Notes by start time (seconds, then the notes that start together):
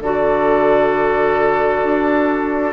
0.00 D3 F#4 A4 D5
1.83 D4